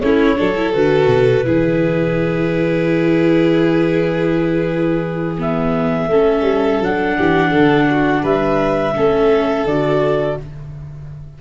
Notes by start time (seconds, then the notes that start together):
0.00 A3 C#4 E4 C#5
0.35 F#3 D4 A4
0.56 E4
0.73 D3 F#4 B4
1.07 B2
1.44 E3 E4 G#4
5.38 B3 E5
6.08 A3 C#4 A4
6.41 G3
6.81 F#3 D4 F#5
7.17 E3 G4
7.50 D3 A4
7.90 F#4
8.22 G3 B4 E5
8.95 A3 C#4 A4
9.65 D3 F#4 D5